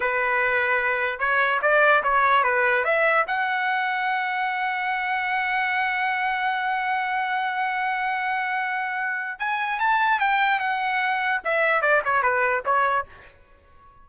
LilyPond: \new Staff \with { instrumentName = "trumpet" } { \time 4/4 \tempo 4 = 147 b'2. cis''4 | d''4 cis''4 b'4 e''4 | fis''1~ | fis''1~ |
fis''1~ | fis''2. gis''4 | a''4 g''4 fis''2 | e''4 d''8 cis''8 b'4 cis''4 | }